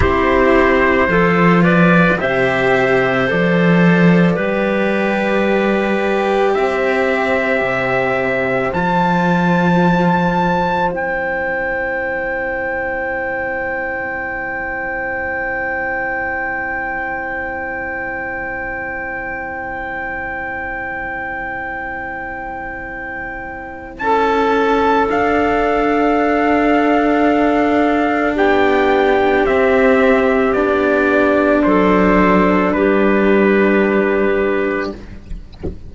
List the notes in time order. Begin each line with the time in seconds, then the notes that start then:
0.00 C4 E4 G4 C5
1.07 F3 F4 A4
1.62 B4 D5
2.18 C3 G4 C5 E5
3.27 F3 A4 D5
4.34 G3 G4 B4
6.54 C4 C5 E5
7.61 C3
8.73 F3 F4 A5
10.91 C4 E4 G5
23.98 C#4 A4 A5
25.09 D4 F5
28.35 B3 G4 G5
29.43 C4 E5
30.53 B3 D4 D5
31.63 F#3 A4 C5
32.72 G3 G4 B4